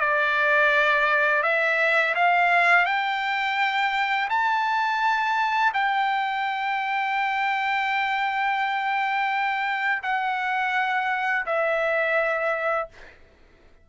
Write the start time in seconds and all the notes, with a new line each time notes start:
0.00 D5
1.43 E5
2.15 F5
2.86 G5
4.29 A5
5.74 G5
10.03 F#5
11.46 E5